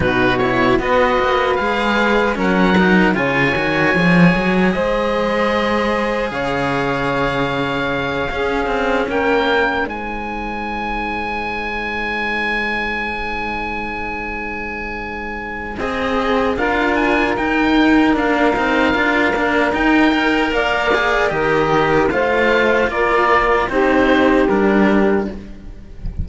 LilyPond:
<<
  \new Staff \with { instrumentName = "oboe" } { \time 4/4 \tempo 4 = 76 b'8 cis''8 dis''4 f''4 fis''4 | gis''2 dis''2 | f''2.~ f''8 g''8~ | g''8 gis''2.~ gis''8~ |
gis''1 | dis''4 f''8 gis''8 g''4 f''4~ | f''4 g''4 f''4 dis''4 | f''4 d''4 c''4 ais'4 | }
  \new Staff \with { instrumentName = "saxophone" } { \time 4/4 fis'4 b'2 ais'4 | cis''2 c''2 | cis''2~ cis''8 gis'4 ais'8~ | ais'8 c''2.~ c''8~ |
c''1~ | c''4 ais'2.~ | ais'2 d''4 ais'4 | c''4 ais'4 g'2 | }
  \new Staff \with { instrumentName = "cello" } { \time 4/4 dis'8 e'8 fis'4 gis'4 cis'8 dis'8 | f'8 fis'8 gis'2.~ | gis'2~ gis'8 cis'4.~ | cis'8 dis'2.~ dis'8~ |
dis'1 | gis'4 f'4 dis'4 d'8 dis'8 | f'8 d'8 dis'8 ais'4 gis'8 g'4 | f'2 dis'4 d'4 | }
  \new Staff \with { instrumentName = "cello" } { \time 4/4 b,4 b8 ais8 gis4 fis4 | cis8 dis8 f8 fis8 gis2 | cis2~ cis8 cis'8 c'8 ais8~ | ais8 gis2.~ gis8~ |
gis1 | c'4 d'4 dis'4 ais8 c'8 | d'8 ais8 dis'4 ais4 dis4 | a4 ais4 c'4 g4 | }
>>